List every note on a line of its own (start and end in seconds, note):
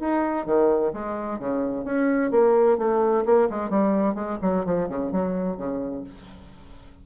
0.00 0.46 D#4
0.46 0.92 D#3
0.93 1.39 G#3
1.39 1.85 C#3
1.85 2.31 C#4
2.31 2.78 A#3
2.78 3.25 A3
3.25 3.49 A#3
3.50 3.70 G#3
3.70 4.15 G3
4.15 4.38 G#3
4.42 4.65 F#3
4.65 4.89 F3
4.89 5.12 C#3
5.12 5.57 F#3
5.57 6.04 C#3